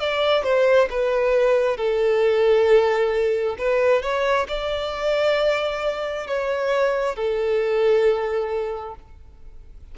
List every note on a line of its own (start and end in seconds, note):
0.00 0.44 D5
0.44 0.88 C5
0.90 1.77 B4
1.77 3.56 A4
3.58 4.02 B4
4.02 4.47 C#5
4.48 6.27 D5
6.27 7.16 C#5
7.16 8.95 A4